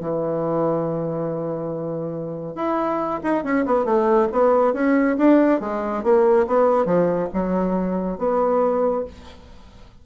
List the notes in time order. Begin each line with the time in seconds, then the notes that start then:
0.00 E3
2.55 E4
3.23 D#4
3.43 C#4
3.66 B3
3.85 A3
4.32 B3
4.73 C#4
5.18 D4
5.60 G#3
6.03 A#3
6.47 B3
6.85 F3
7.33 F#3
8.18 B3